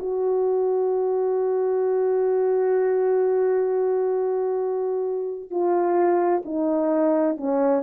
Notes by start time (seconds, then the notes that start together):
0.00 F#4
5.51 F4
6.45 D#4
7.38 C#4